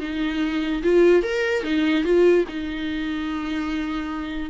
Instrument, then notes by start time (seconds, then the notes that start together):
viola
0.00 D#4
0.83 F4
1.23 A#4
1.63 D#4
2.04 F4
2.48 D#4